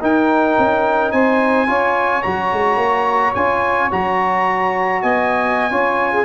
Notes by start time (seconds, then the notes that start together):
0.00 D#4 A#4 G5
0.58 C#4
1.11 C4 C5 G#5
1.67 C#4 F4 C#5
2.22 F#3 F#4 A#5
2.52 G#3
2.76 A#3
3.34 C#4 F4 G#5
3.90 F#3 F#4 A#5
5.02 B3 D#5 G#5
5.70 C#4 F4 C#5
6.11 G#4